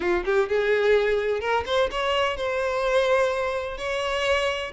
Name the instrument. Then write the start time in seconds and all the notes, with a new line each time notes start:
violin
0.00 F4
0.25 G4
0.49 G#4
1.40 A#4
1.66 C5
1.91 C#5
2.36 C5
3.77 C#5